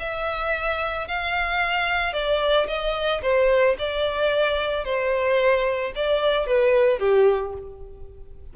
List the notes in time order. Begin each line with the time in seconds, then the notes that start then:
0.00 E5
1.08 F5
2.14 D5
2.68 D#5
3.22 C5
3.79 D5
4.85 C5
5.96 D5
6.47 B4
6.99 G4